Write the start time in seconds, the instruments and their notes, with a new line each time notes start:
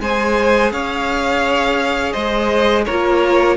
0.00 cello G#3, viola G#4, violin C5 G#5
0.71 cello C#4, violin C#5 F5
2.12 cello G#3, violin C5 D#5
2.85 cello A#3, viola F4, violin A#4 C#5